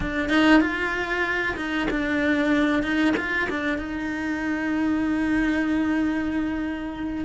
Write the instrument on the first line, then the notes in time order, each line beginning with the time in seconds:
cello
0.00 D4
0.29 D#4
0.61 F4
1.56 D#4
1.90 D4
2.82 D#4
3.16 F4
3.49 D4
3.78 D#4